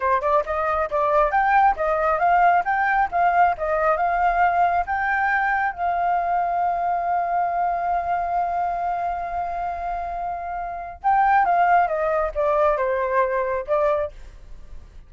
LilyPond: \new Staff \with { instrumentName = "flute" } { \time 4/4 \tempo 4 = 136 c''8 d''8 dis''4 d''4 g''4 | dis''4 f''4 g''4 f''4 | dis''4 f''2 g''4~ | g''4 f''2.~ |
f''1~ | f''1~ | f''4 g''4 f''4 dis''4 | d''4 c''2 d''4 | }